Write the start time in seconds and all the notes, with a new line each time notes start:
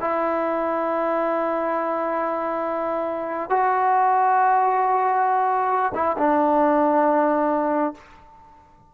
0.00 E4
3.49 F#4
5.94 E4
6.18 D4